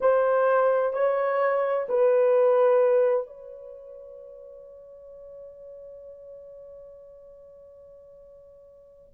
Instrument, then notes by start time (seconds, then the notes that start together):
horn
0.00 C5
0.93 C#5
1.88 B4
3.26 C#5